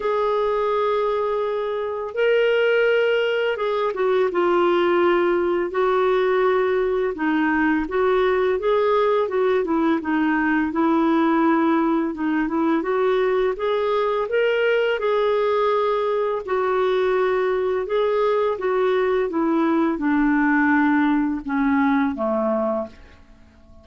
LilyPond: \new Staff \with { instrumentName = "clarinet" } { \time 4/4 \tempo 4 = 84 gis'2. ais'4~ | ais'4 gis'8 fis'8 f'2 | fis'2 dis'4 fis'4 | gis'4 fis'8 e'8 dis'4 e'4~ |
e'4 dis'8 e'8 fis'4 gis'4 | ais'4 gis'2 fis'4~ | fis'4 gis'4 fis'4 e'4 | d'2 cis'4 a4 | }